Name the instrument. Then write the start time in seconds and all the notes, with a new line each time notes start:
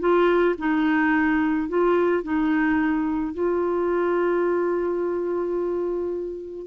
clarinet
0.00 F4
0.58 D#4
1.69 F4
2.24 D#4
3.34 F4